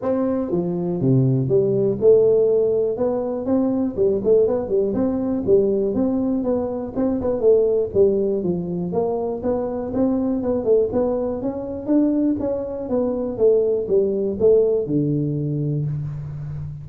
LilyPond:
\new Staff \with { instrumentName = "tuba" } { \time 4/4 \tempo 4 = 121 c'4 f4 c4 g4 | a2 b4 c'4 | g8 a8 b8 g8 c'4 g4 | c'4 b4 c'8 b8 a4 |
g4 f4 ais4 b4 | c'4 b8 a8 b4 cis'4 | d'4 cis'4 b4 a4 | g4 a4 d2 | }